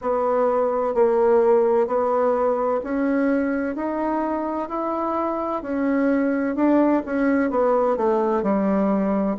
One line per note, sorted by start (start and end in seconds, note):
0.01 0.94 B3
0.94 1.87 A#3
1.87 2.80 B3
2.83 3.75 C#4
3.75 4.68 D#4
4.68 5.62 E4
5.62 6.55 C#4
6.55 7.02 D4
7.05 7.50 C#4
7.50 7.96 B3
7.96 8.42 A3
8.42 9.36 G3